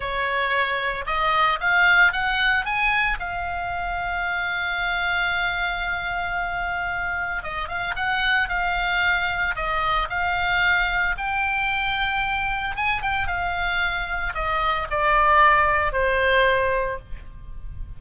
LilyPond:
\new Staff \with { instrumentName = "oboe" } { \time 4/4 \tempo 4 = 113 cis''2 dis''4 f''4 | fis''4 gis''4 f''2~ | f''1~ | f''2 dis''8 f''8 fis''4 |
f''2 dis''4 f''4~ | f''4 g''2. | gis''8 g''8 f''2 dis''4 | d''2 c''2 | }